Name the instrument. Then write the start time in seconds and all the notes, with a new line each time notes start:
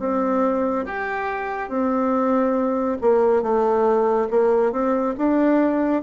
bassoon
0.00 C4
0.86 G4
1.69 C4
3.02 A#3
3.43 A3
4.31 A#3
4.72 C4
5.18 D4